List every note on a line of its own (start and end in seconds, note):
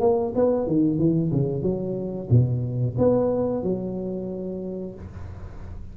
0.00 0.33 A#3
0.35 0.67 B3
0.67 0.98 D#3
0.98 1.31 E3
1.32 1.62 C#3
1.62 2.28 F#3
2.30 2.96 B2
2.98 3.63 B3
3.63 4.95 F#3